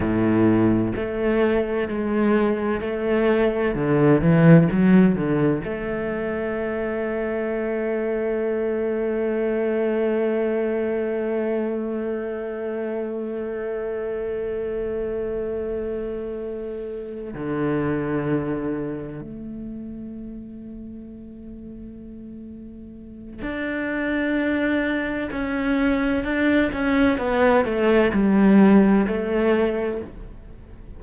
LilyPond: \new Staff \with { instrumentName = "cello" } { \time 4/4 \tempo 4 = 64 a,4 a4 gis4 a4 | d8 e8 fis8 d8 a2~ | a1~ | a1~ |
a2~ a8 d4.~ | d8 a2.~ a8~ | a4 d'2 cis'4 | d'8 cis'8 b8 a8 g4 a4 | }